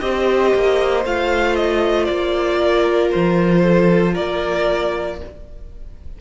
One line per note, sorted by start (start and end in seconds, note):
0.00 0.53 C4
0.00 1.04 G4
0.00 2.59 C5
0.00 1.03 D#5
0.54 1.05 A#3
1.05 2.08 A3
1.05 5.19 F4
1.05 1.56 F5
1.56 2.05 D#5
2.05 3.13 A#3
2.05 3.08 D5
2.59 3.62 A#4
3.11 4.17 F3
3.11 4.14 C5
3.62 4.13 A4
4.13 5.21 A#3
4.13 5.17 A#4
4.13 5.18 D5